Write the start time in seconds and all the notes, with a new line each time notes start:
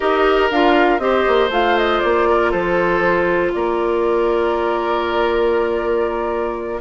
0.00 D#4 G4 A#4 D#5
0.50 D4 F4 F5
0.98 C4 G4 C5 D#5
1.27 A#3
1.49 A3 F4 F5
1.77 D#5
2.00 A#3 D5
2.28 A#4
2.50 F3 A4 C5
3.53 A#3 A#4 D5